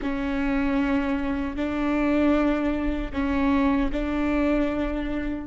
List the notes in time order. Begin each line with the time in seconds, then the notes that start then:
0.01 C#4
1.56 D4
3.12 C#4
3.92 D4